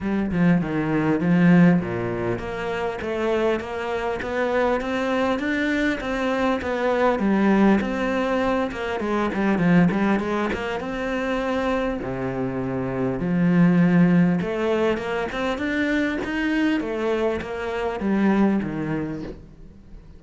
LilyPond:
\new Staff \with { instrumentName = "cello" } { \time 4/4 \tempo 4 = 100 g8 f8 dis4 f4 ais,4 | ais4 a4 ais4 b4 | c'4 d'4 c'4 b4 | g4 c'4. ais8 gis8 g8 |
f8 g8 gis8 ais8 c'2 | c2 f2 | a4 ais8 c'8 d'4 dis'4 | a4 ais4 g4 dis4 | }